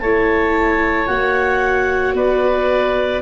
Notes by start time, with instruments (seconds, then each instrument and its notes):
0.00 tuba A3, viola E4, oboe C#5, clarinet A5
1.07 tuba A#3, viola F#4, clarinet F#5
2.13 tuba B3, oboe B4, clarinet D5